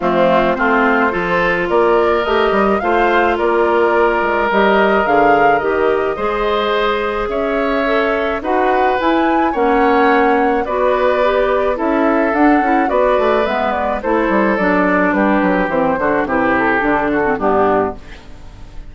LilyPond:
<<
  \new Staff \with { instrumentName = "flute" } { \time 4/4 \tempo 4 = 107 f'4 c''2 d''4 | dis''4 f''4 d''2 | dis''4 f''4 dis''2~ | dis''4 e''2 fis''4 |
gis''4 fis''2 d''4~ | d''4 e''4 fis''4 d''4 | e''8 d''8 c''4 d''4 b'4 | c''4 b'8 a'4. g'4 | }
  \new Staff \with { instrumentName = "oboe" } { \time 4/4 c'4 f'4 a'4 ais'4~ | ais'4 c''4 ais'2~ | ais'2. c''4~ | c''4 cis''2 b'4~ |
b'4 cis''2 b'4~ | b'4 a'2 b'4~ | b'4 a'2 g'4~ | g'8 fis'8 g'4. fis'8 d'4 | }
  \new Staff \with { instrumentName = "clarinet" } { \time 4/4 a4 c'4 f'2 | g'4 f'2. | g'4 gis'4 g'4 gis'4~ | gis'2 a'4 fis'4 |
e'4 cis'2 fis'4 | g'4 e'4 d'8 e'8 fis'4 | b4 e'4 d'2 | c'8 d'8 e'4 d'8. c'16 b4 | }
  \new Staff \with { instrumentName = "bassoon" } { \time 4/4 f4 a4 f4 ais4 | a8 g8 a4 ais4. gis8 | g4 d4 dis4 gis4~ | gis4 cis'2 dis'4 |
e'4 ais2 b4~ | b4 cis'4 d'8 cis'8 b8 a8 | gis4 a8 g8 fis4 g8 fis8 | e8 d8 c4 d4 g,4 | }
>>